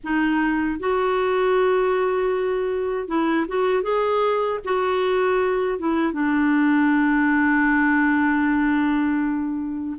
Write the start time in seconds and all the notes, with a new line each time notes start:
0.03 D#4
0.79 F#4
3.08 E4
3.48 F#4
3.82 G#4
4.64 F#4
5.79 E4
6.12 D4